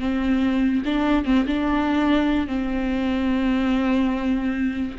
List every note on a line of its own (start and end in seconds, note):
0.00 0.83 C4
0.85 1.25 D4
1.25 1.46 C4
1.47 2.47 D4
2.47 4.97 C4